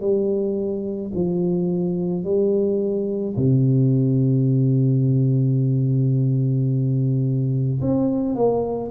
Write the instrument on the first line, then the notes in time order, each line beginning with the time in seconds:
tuba
0.00 G3
1.14 F3
2.24 G3
3.36 C3
7.81 C4
8.35 A#3